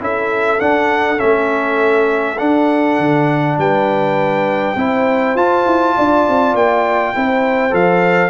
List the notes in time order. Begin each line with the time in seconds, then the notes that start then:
0.00 C#4 E4 A4 E5
0.60 D4 F#5
1.17 A3 C#4 E5
2.38 D4 F#5
2.99 D3
3.58 G3 B4 G5
4.76 C4 E4 C5
5.35 F4 A5
5.66 E4
5.96 D4 D5
6.29 C4
6.54 A#3 G5
7.15 C4 E4 C5
7.71 F3 A4 F5